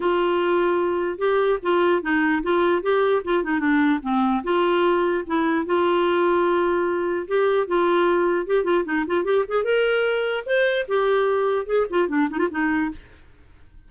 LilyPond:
\new Staff \with { instrumentName = "clarinet" } { \time 4/4 \tempo 4 = 149 f'2. g'4 | f'4 dis'4 f'4 g'4 | f'8 dis'8 d'4 c'4 f'4~ | f'4 e'4 f'2~ |
f'2 g'4 f'4~ | f'4 g'8 f'8 dis'8 f'8 g'8 gis'8 | ais'2 c''4 g'4~ | g'4 gis'8 f'8 d'8 dis'16 f'16 dis'4 | }